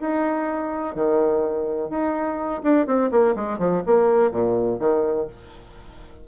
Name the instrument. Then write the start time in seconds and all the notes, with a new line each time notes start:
bassoon
0.00 D#4
0.95 D#3
1.90 D#4
2.63 D4
2.86 C4
3.11 A#3
3.35 G#3
3.58 F3
3.86 A#3
4.31 A#2
4.79 D#3